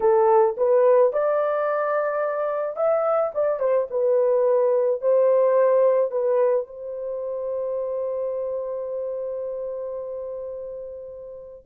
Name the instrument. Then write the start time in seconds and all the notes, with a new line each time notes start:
horn
0.00 A4
0.57 B4
1.12 D5
2.76 E5
3.34 D5
3.59 C5
3.90 B4
5.01 C5
6.11 B4
6.66 C5